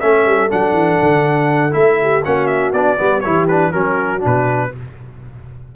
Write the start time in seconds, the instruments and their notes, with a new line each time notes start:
0.00 tuba A3, trombone C#4, horn A4, trumpet E5
0.26 tuba G3
0.50 tuba F#3, trombone D4, trumpet F#5
0.73 tuba E3
1.02 tuba D3
1.71 tuba A3, trombone E4, trumpet E5
2.02 horn G4
2.25 tuba A#3, trombone C#4, horn F#4, trumpet F#5
2.47 trumpet E5
2.73 tuba B3, trombone D4, trumpet D5
2.98 tuba G3, trombone B3, horn B4
3.21 tuba E3, trombone E4, horn G4, trumpet C#5
3.48 trombone D4, trumpet B4
3.71 tuba F#3, trombone C#4, horn F#4, trumpet A#4
4.20 tuba B2, trombone D4
4.26 trumpet B4